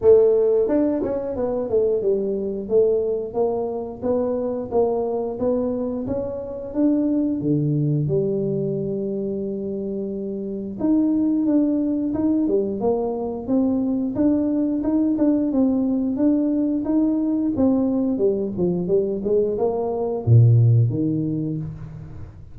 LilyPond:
\new Staff \with { instrumentName = "tuba" } { \time 4/4 \tempo 4 = 89 a4 d'8 cis'8 b8 a8 g4 | a4 ais4 b4 ais4 | b4 cis'4 d'4 d4 | g1 |
dis'4 d'4 dis'8 g8 ais4 | c'4 d'4 dis'8 d'8 c'4 | d'4 dis'4 c'4 g8 f8 | g8 gis8 ais4 ais,4 dis4 | }